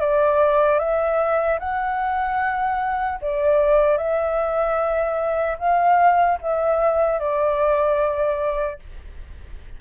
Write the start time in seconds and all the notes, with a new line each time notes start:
0.00 D5
0.79 E5
1.59 F#5
3.21 D5
3.97 E5
5.59 F5
6.41 E5
7.19 D5